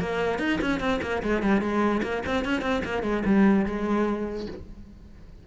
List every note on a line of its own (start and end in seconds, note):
0.00 0.39 A#3
0.39 0.59 D#4
0.61 0.80 C#4
0.80 1.00 C4
1.02 1.22 A#3
1.23 1.43 G#3
1.43 1.61 G3
1.61 2.02 G#3
2.03 2.23 A#3
2.26 2.45 C4
2.45 2.62 C#4
2.62 2.82 C4
2.85 3.03 A#3
3.03 3.23 G#3
3.25 3.66 G3
3.66 4.47 G#3